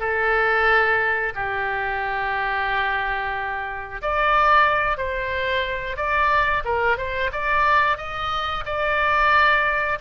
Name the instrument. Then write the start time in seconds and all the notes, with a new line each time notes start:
oboe
0.00 A4
1.35 G4
4.02 D5
4.98 C5
5.97 D5
6.65 A#4
6.98 C5
7.32 D5
7.98 D#5
8.66 D5